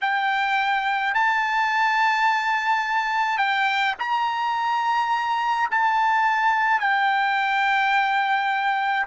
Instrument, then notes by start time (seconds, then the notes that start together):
trumpet
0.01 G5
1.14 A5
3.38 G5
3.99 A#5
5.71 A5
6.80 G5